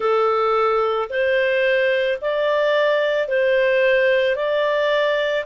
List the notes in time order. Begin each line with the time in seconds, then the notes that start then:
0.00 A4
1.09 C5
2.21 D5
3.27 C5
4.35 D5